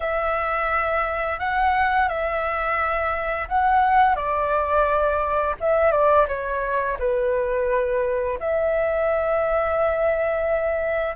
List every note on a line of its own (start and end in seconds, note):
0.00 1.39 E5
1.39 2.08 F#5
2.08 3.48 E5
3.48 4.15 F#5
4.15 5.55 D5
5.60 5.91 E5
5.91 6.26 D5
6.28 6.97 C#5
6.99 8.38 B4
8.39 11.15 E5